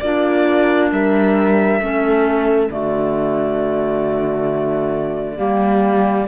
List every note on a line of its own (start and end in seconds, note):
0.00 0.91 A#3
0.00 1.81 D4
0.00 0.92 F4
0.00 0.90 D5
0.91 1.80 G3
0.91 1.82 A#4
0.91 2.71 E5
1.80 2.70 A3
1.80 2.70 C#4
1.80 2.72 A4
2.70 5.38 D3
2.70 5.37 A3
2.70 5.37 F#4
2.70 6.28 D5
5.37 6.28 G3
5.37 6.27 A#3
5.37 6.26 G4